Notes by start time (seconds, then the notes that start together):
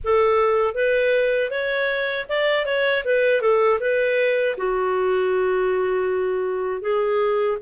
0.04 A4
0.74 B4
1.50 C#5
2.29 D5
2.65 C#5
3.04 B4
3.41 A4
3.80 B4
4.57 F#4
6.81 G#4